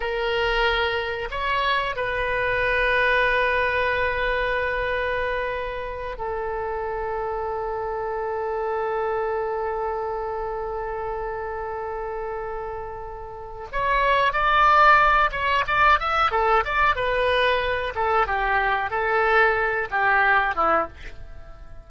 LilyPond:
\new Staff \with { instrumentName = "oboe" } { \time 4/4 \tempo 4 = 92 ais'2 cis''4 b'4~ | b'1~ | b'4. a'2~ a'8~ | a'1~ |
a'1~ | a'4 cis''4 d''4. cis''8 | d''8 e''8 a'8 d''8 b'4. a'8 | g'4 a'4. g'4 e'8 | }